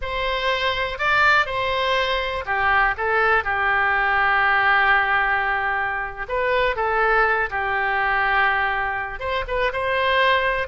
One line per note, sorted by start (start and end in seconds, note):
0.01 0.98 C5
0.98 1.46 D5
1.46 2.44 C5
2.45 2.94 G4
2.97 3.44 A4
3.44 6.26 G4
6.28 6.76 B4
6.76 7.49 A4
7.50 9.19 G4
9.19 9.44 C5
9.47 9.72 B4
9.72 10.67 C5